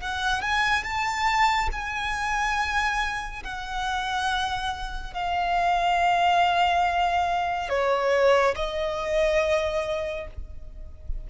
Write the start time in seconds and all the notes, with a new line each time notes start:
0.00 F#5
0.41 G#5
0.83 A5
1.72 G#5
3.43 F#5
5.14 F5
7.69 C#5
8.56 D#5